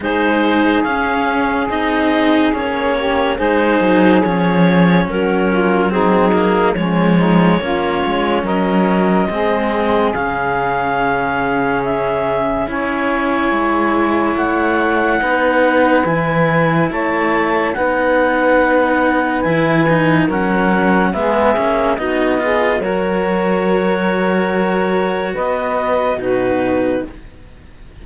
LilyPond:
<<
  \new Staff \with { instrumentName = "clarinet" } { \time 4/4 \tempo 4 = 71 c''4 f''4 dis''4 cis''4 | c''4 cis''4 ais'4 gis'4 | cis''2 dis''2 | f''2 e''4 gis''4~ |
gis''4 fis''2 gis''4 | a''4 fis''2 gis''4 | fis''4 e''4 dis''4 cis''4~ | cis''2 dis''4 b'4 | }
  \new Staff \with { instrumentName = "saxophone" } { \time 4/4 gis'2.~ gis'8 g'8 | gis'2 fis'8 f'8 dis'4 | cis'8 dis'8 f'4 ais'4 gis'4~ | gis'2. cis''4~ |
cis''2 b'2 | cis''4 b'2. | ais'4 gis'4 fis'8 gis'8 ais'4~ | ais'2 b'4 fis'4 | }
  \new Staff \with { instrumentName = "cello" } { \time 4/4 dis'4 cis'4 dis'4 cis'4 | dis'4 cis'2 c'8 ais8 | gis4 cis'2 c'4 | cis'2. e'4~ |
e'2 dis'4 e'4~ | e'4 dis'2 e'8 dis'8 | cis'4 b8 cis'8 dis'8 f'8 fis'4~ | fis'2. dis'4 | }
  \new Staff \with { instrumentName = "cello" } { \time 4/4 gis4 cis'4 c'4 ais4 | gis8 fis8 f4 fis2 | f4 ais8 gis8 fis4 gis4 | cis2. cis'4 |
gis4 a4 b4 e4 | a4 b2 e4 | fis4 gis8 ais8 b4 fis4~ | fis2 b4 b,4 | }
>>